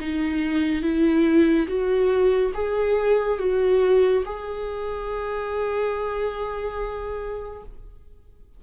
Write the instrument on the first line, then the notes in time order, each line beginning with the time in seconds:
viola
0.00 D#4
0.82 E4
1.67 F#4
2.54 G#4
3.39 F#4
4.25 G#4